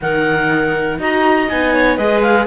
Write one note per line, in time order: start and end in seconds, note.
0.01 0.98 D#3
0.01 0.99 D#4
0.01 0.99 A#4
0.01 1.00 F#5
0.98 1.48 D#4
0.98 1.49 F#4
0.98 1.73 D#5
0.98 1.48 A#5
1.48 1.98 B3
1.48 1.98 D#4
1.48 1.97 G#5
1.74 1.97 C#5
1.97 2.46 G#3
1.97 2.46 G#4
1.97 2.46 B4
1.97 2.21 D#5
2.22 2.46 F5